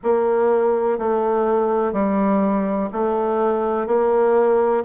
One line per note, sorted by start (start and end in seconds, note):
0.03 0.98 A#3
0.98 1.92 A3
1.92 2.89 G3
2.92 3.86 A3
3.86 4.83 A#3